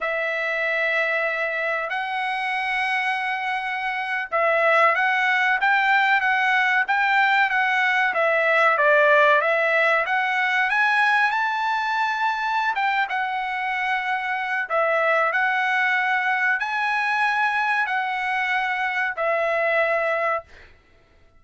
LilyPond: \new Staff \with { instrumentName = "trumpet" } { \time 4/4 \tempo 4 = 94 e''2. fis''4~ | fis''2~ fis''8. e''4 fis''16~ | fis''8. g''4 fis''4 g''4 fis''16~ | fis''8. e''4 d''4 e''4 fis''16~ |
fis''8. gis''4 a''2~ a''16 | g''8 fis''2~ fis''8 e''4 | fis''2 gis''2 | fis''2 e''2 | }